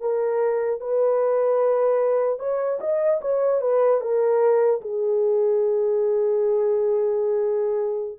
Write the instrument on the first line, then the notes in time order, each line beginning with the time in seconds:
horn
0.00 A#4
0.80 B4
2.39 C#5
2.80 D#5
3.21 C#5
3.61 B4
4.00 A#4
4.81 G#4